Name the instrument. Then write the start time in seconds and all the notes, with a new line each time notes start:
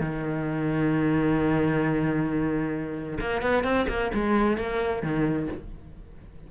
cello
0.00 D#3
3.20 A#3
3.42 B3
3.63 C4
3.88 A#3
4.14 G#3
4.57 A#3
5.02 D#3